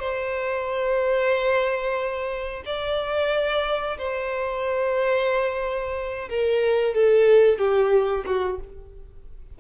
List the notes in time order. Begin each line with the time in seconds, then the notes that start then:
0.00 C5
2.66 D5
3.98 C5
6.30 A#4
6.95 A4
7.59 G4
8.27 F#4